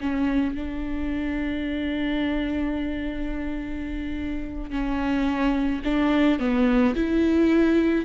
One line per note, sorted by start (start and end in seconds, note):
0.00 0.55 C#4
0.55 4.70 D4
4.70 5.81 C#4
5.84 6.39 D4
6.39 6.94 B3
6.95 8.05 E4